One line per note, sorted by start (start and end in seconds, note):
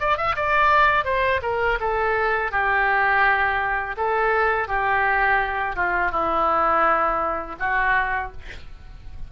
0.00 0.18 D5
0.18 0.36 E5
0.36 1.05 D5
1.05 1.41 C5
1.43 1.79 A#4
1.80 2.52 A4
2.52 3.96 G4
3.97 4.68 A4
4.68 5.76 G4
5.76 6.12 F4
6.12 7.56 E4
7.60 8.32 F#4